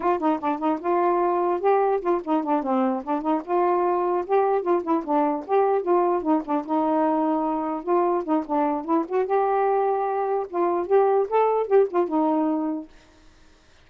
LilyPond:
\new Staff \with { instrumentName = "saxophone" } { \time 4/4 \tempo 4 = 149 f'8 dis'8 d'8 dis'8 f'2 | g'4 f'8 dis'8 d'8 c'4 d'8 | dis'8 f'2 g'4 f'8 | e'8 d'4 g'4 f'4 dis'8 |
d'8 dis'2. f'8~ | f'8 dis'8 d'4 e'8 fis'8 g'4~ | g'2 f'4 g'4 | a'4 g'8 f'8 dis'2 | }